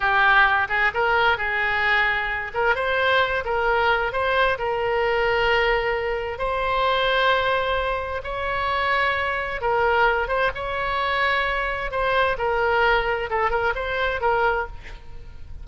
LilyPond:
\new Staff \with { instrumentName = "oboe" } { \time 4/4 \tempo 4 = 131 g'4. gis'8 ais'4 gis'4~ | gis'4. ais'8 c''4. ais'8~ | ais'4 c''4 ais'2~ | ais'2 c''2~ |
c''2 cis''2~ | cis''4 ais'4. c''8 cis''4~ | cis''2 c''4 ais'4~ | ais'4 a'8 ais'8 c''4 ais'4 | }